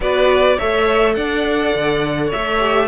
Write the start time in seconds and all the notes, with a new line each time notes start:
0.00 B3 F#4 B4 D5
0.56 A3 A4 C#5 E5
1.14 D4 D5 F#5
1.74 D3
2.26 C#5 E5
2.34 A3
2.59 G4